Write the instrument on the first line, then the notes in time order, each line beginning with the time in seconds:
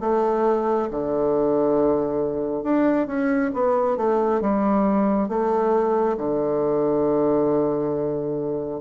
bassoon
0.00 A3
0.91 D3
2.64 D4
3.07 C#4
3.54 B3
3.97 A3
4.41 G3
5.29 A3
6.17 D3